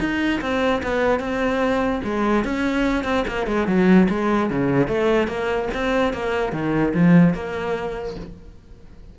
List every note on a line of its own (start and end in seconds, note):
0.00 0.41 D#4
0.41 0.82 C4
0.83 1.19 B3
1.19 2.01 C4
2.04 2.44 G#3
2.44 3.04 C#4
3.04 3.24 C4
3.27 3.46 A#3
3.46 3.67 G#3
3.67 4.08 F#3
4.09 4.50 G#3
4.50 4.88 C#3
4.88 5.28 A3
5.28 5.68 A#3
5.74 6.13 C4
6.13 6.52 A#3
6.52 6.93 D#3
6.94 7.34 F3
7.34 8.15 A#3